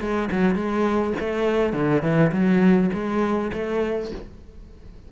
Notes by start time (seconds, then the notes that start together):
0.00 G#3
0.32 F#3
0.55 G#3
1.20 A3
1.73 D3
2.02 E3
2.32 F#3
2.93 G#3
3.53 A3